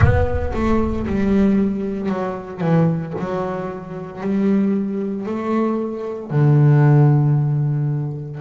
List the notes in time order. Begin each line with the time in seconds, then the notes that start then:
0.00 B3
0.53 A3
1.06 G3
2.09 F#3
2.60 E3
3.19 F#3
4.21 G3
5.25 A3
6.30 D3